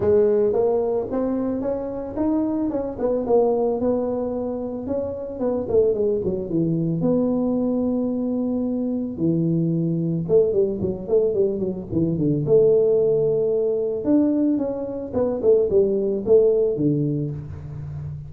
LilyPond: \new Staff \with { instrumentName = "tuba" } { \time 4/4 \tempo 4 = 111 gis4 ais4 c'4 cis'4 | dis'4 cis'8 b8 ais4 b4~ | b4 cis'4 b8 a8 gis8 fis8 | e4 b2.~ |
b4 e2 a8 g8 | fis8 a8 g8 fis8 e8 d8 a4~ | a2 d'4 cis'4 | b8 a8 g4 a4 d4 | }